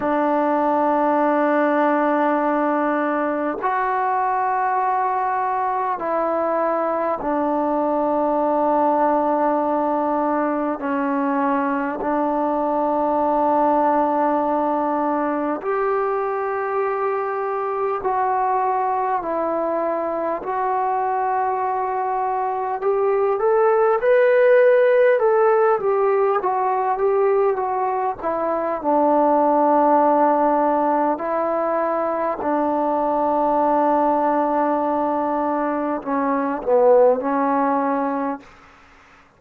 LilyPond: \new Staff \with { instrumentName = "trombone" } { \time 4/4 \tempo 4 = 50 d'2. fis'4~ | fis'4 e'4 d'2~ | d'4 cis'4 d'2~ | d'4 g'2 fis'4 |
e'4 fis'2 g'8 a'8 | b'4 a'8 g'8 fis'8 g'8 fis'8 e'8 | d'2 e'4 d'4~ | d'2 cis'8 b8 cis'4 | }